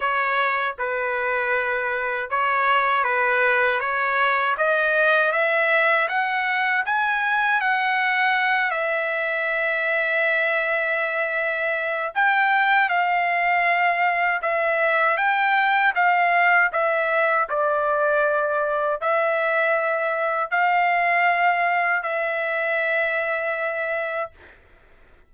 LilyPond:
\new Staff \with { instrumentName = "trumpet" } { \time 4/4 \tempo 4 = 79 cis''4 b'2 cis''4 | b'4 cis''4 dis''4 e''4 | fis''4 gis''4 fis''4. e''8~ | e''1 |
g''4 f''2 e''4 | g''4 f''4 e''4 d''4~ | d''4 e''2 f''4~ | f''4 e''2. | }